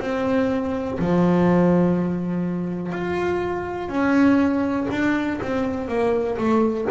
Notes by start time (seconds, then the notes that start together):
0.00 C4
0.99 F3
2.92 F4
3.89 C#4
4.91 D4
5.42 C4
5.88 A#3
6.38 A3